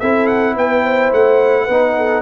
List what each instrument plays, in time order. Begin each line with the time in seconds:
0.00 tuba C4, trombone E4, horn A4, trumpet E5
0.27 trumpet F#5
0.56 tuba B3, horn B4, trumpet G5
0.83 horn C5
1.13 tuba A3, trumpet F#5
1.64 tuba B3, horn B4
1.70 trombone D#4
1.97 horn A4